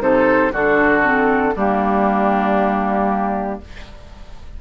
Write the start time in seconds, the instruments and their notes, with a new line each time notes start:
0.00 bassoon C3, clarinet D#4, oboe A4, flute C5
0.52 bassoon D3, clarinet D4, oboe F#4, flute A4
1.03 clarinet C4
1.56 bassoon G3, clarinet A#3, oboe D4, flute G4